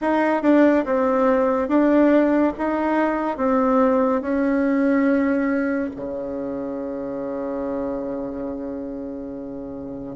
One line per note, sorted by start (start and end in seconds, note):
0.01 0.42 D#4
0.42 0.85 D4
0.85 1.68 C4
1.68 2.52 D4
2.58 3.37 D#4
3.37 4.21 C4
4.21 5.90 C#4
5.96 10.16 C#3